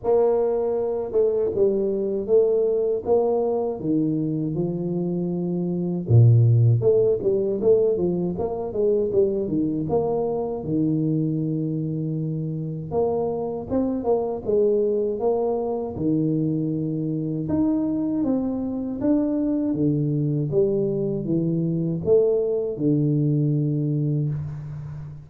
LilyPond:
\new Staff \with { instrumentName = "tuba" } { \time 4/4 \tempo 4 = 79 ais4. a8 g4 a4 | ais4 dis4 f2 | ais,4 a8 g8 a8 f8 ais8 gis8 | g8 dis8 ais4 dis2~ |
dis4 ais4 c'8 ais8 gis4 | ais4 dis2 dis'4 | c'4 d'4 d4 g4 | e4 a4 d2 | }